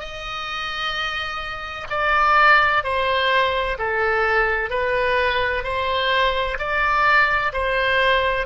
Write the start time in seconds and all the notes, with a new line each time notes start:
0.00 D#5
1.90 D5
2.84 C5
3.78 A4
4.70 B4
5.64 C5
6.59 D5
7.53 C5